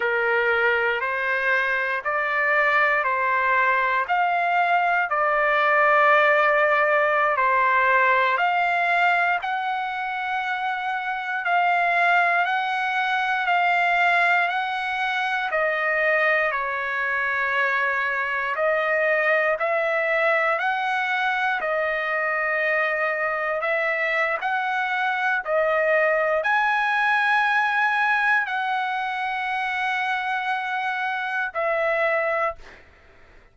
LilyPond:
\new Staff \with { instrumentName = "trumpet" } { \time 4/4 \tempo 4 = 59 ais'4 c''4 d''4 c''4 | f''4 d''2~ d''16 c''8.~ | c''16 f''4 fis''2 f''8.~ | f''16 fis''4 f''4 fis''4 dis''8.~ |
dis''16 cis''2 dis''4 e''8.~ | e''16 fis''4 dis''2 e''8. | fis''4 dis''4 gis''2 | fis''2. e''4 | }